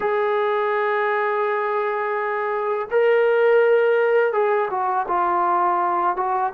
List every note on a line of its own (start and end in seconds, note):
0.00 2.88 G#4
2.90 4.32 A#4
4.32 4.68 G#4
4.70 5.06 F#4
5.08 6.16 F4
6.16 6.52 F#4